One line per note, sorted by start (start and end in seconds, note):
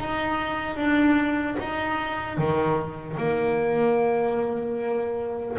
0.00 0.76 D#4
0.76 1.56 D4
1.60 2.38 D#4
2.38 3.18 D#3
3.18 5.58 A#3